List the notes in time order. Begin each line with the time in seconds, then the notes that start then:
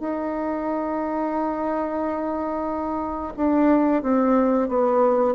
0.00 D#4
3.37 D4
4.02 C4
4.68 B3